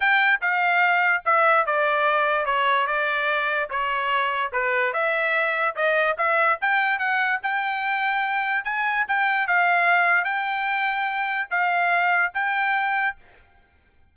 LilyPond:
\new Staff \with { instrumentName = "trumpet" } { \time 4/4 \tempo 4 = 146 g''4 f''2 e''4 | d''2 cis''4 d''4~ | d''4 cis''2 b'4 | e''2 dis''4 e''4 |
g''4 fis''4 g''2~ | g''4 gis''4 g''4 f''4~ | f''4 g''2. | f''2 g''2 | }